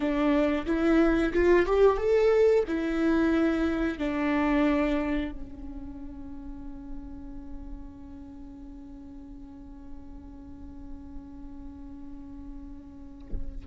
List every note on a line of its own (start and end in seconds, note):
0.00 0.65 D4
0.66 1.32 E4
1.33 1.66 F4
1.66 1.97 G4
1.97 2.64 A4
2.67 3.98 E4
3.98 5.32 D4
5.32 13.65 C#4